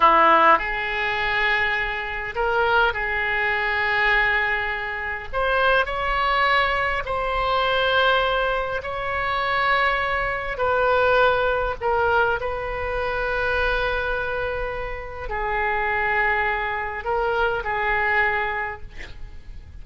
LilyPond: \new Staff \with { instrumentName = "oboe" } { \time 4/4 \tempo 4 = 102 e'4 gis'2. | ais'4 gis'2.~ | gis'4 c''4 cis''2 | c''2. cis''4~ |
cis''2 b'2 | ais'4 b'2.~ | b'2 gis'2~ | gis'4 ais'4 gis'2 | }